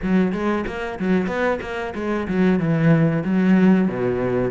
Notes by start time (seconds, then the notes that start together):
0.02 F#3
0.32 G#3
0.66 A#3
0.99 F#3
1.26 B3
1.61 A#3
1.94 G#3
2.28 F#3
2.59 E3
3.24 F#3
3.88 B2